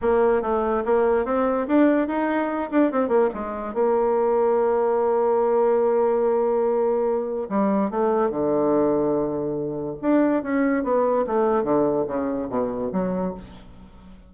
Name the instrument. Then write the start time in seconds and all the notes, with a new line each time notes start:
bassoon
0.01 A#3
0.42 A3
0.85 A#3
1.25 C4
1.67 D4
2.07 D#4
2.70 D4
2.91 C4
3.08 A#3
3.34 G#3
3.73 A#3
7.49 G3
7.90 A3
8.30 D3
10.01 D4
10.42 C#4
10.83 B3
11.26 A3
11.63 D3
12.07 C#3
12.49 B2
12.92 F#3